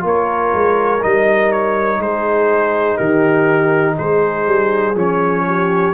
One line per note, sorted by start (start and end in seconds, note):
0.00 0.53 A#3
0.00 0.98 F4
0.00 2.01 A#4
0.07 1.03 C#5
0.54 1.03 G#3
1.01 1.99 G3
1.01 4.95 D#4
1.01 1.52 D#5
1.52 2.01 C#5
1.99 2.97 G#3
1.99 2.97 G#4
1.99 2.97 C5
2.97 3.98 D#3
2.97 3.95 G4
2.97 3.95 A#4
3.97 4.47 G#3
3.97 5.44 G#4
3.97 4.96 C5
4.47 4.95 G3
4.95 5.93 F3
4.95 5.94 C#4
4.95 5.94 C#5
5.47 5.94 G4